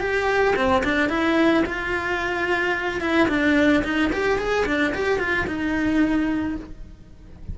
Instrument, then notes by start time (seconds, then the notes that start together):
cello
0.00 G4
0.56 C4
0.84 D4
1.09 E4
1.65 F4
3.00 E4
3.29 D4
3.84 D#4
4.12 G4
4.38 G#4
4.66 D4
4.94 G4
5.19 F4
5.47 D#4